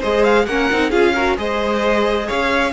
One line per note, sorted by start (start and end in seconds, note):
0.00 0.47 G#3
0.00 0.49 G#4
0.00 0.45 C5
0.00 0.24 D#5
0.24 0.46 F5
0.46 0.70 A#3
0.46 0.72 C#4
0.46 0.90 A#4
0.46 0.91 F#5
0.72 0.92 C4
0.72 0.91 D#4
0.90 1.37 C#4
0.90 1.14 F4
0.90 1.13 G#4
0.90 1.36 F5
1.15 1.37 F#4
1.15 1.37 A#4
1.37 2.29 G#3
1.37 2.73 G#4
1.37 2.27 C5
1.37 2.29 D#5
2.27 2.73 C#4
2.27 2.72 C#5
2.27 2.73 F5